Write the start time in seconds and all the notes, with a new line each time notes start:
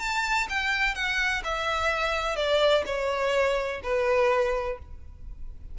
0.00 A5
0.50 G5
0.95 F#5
1.45 E5
2.36 D5
2.86 C#5
3.84 B4